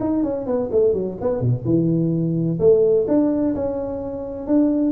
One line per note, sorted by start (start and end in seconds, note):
0.00 0.23 D#4
0.23 0.46 C#4
0.46 0.69 B3
0.71 0.93 A3
0.93 1.17 F#3
1.21 1.40 B3
1.40 1.64 B2
1.65 2.58 E3
2.59 3.06 A3
3.07 3.54 D4
3.55 4.46 C#4
4.46 4.92 D4